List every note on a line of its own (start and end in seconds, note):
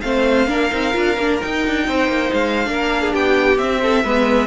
0.00 0.47 A3
0.00 0.47 C4
0.00 0.48 C5
0.00 1.37 F5
0.47 0.70 A#3
0.47 0.70 D4
0.47 1.85 A#4
0.71 0.95 C4
0.71 0.92 D#4
0.92 1.17 D4
0.92 1.15 F4
1.17 1.40 A#3
1.17 1.41 D4
1.41 2.64 D#4
1.41 1.67 D#4
1.41 2.33 G5
1.67 1.87 D4
1.87 2.07 C4
1.87 2.69 C5
2.07 2.30 A#3
2.32 2.67 G#3
2.32 3.14 F5
2.64 3.13 A#3
2.64 3.56 D4
2.64 3.01 A#4
3.01 3.11 G#4
3.11 3.58 B3
3.11 3.80 G4
3.11 3.57 G5
3.57 4.03 C4
3.57 4.05 C4
3.57 4.47 E5
3.82 4.04 A4
4.03 4.47 G#3
4.03 4.47 B3
4.03 4.47 B4